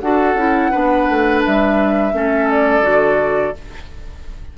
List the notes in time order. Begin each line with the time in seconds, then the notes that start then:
0.00 D4 F#4 A4 F#5
0.34 C#4 E4
0.71 B3 D4 B4
1.09 A3
1.46 G3 E5
2.13 A3 C#4 A4
2.50 D5
2.82 D3 F#4